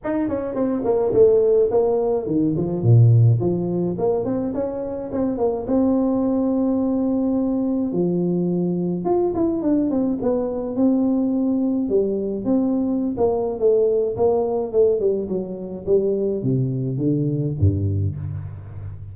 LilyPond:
\new Staff \with { instrumentName = "tuba" } { \time 4/4 \tempo 4 = 106 dis'8 cis'8 c'8 ais8 a4 ais4 | dis8 f8 ais,4 f4 ais8 c'8 | cis'4 c'8 ais8 c'2~ | c'2 f2 |
f'8 e'8 d'8 c'8 b4 c'4~ | c'4 g4 c'4~ c'16 ais8. | a4 ais4 a8 g8 fis4 | g4 c4 d4 g,4 | }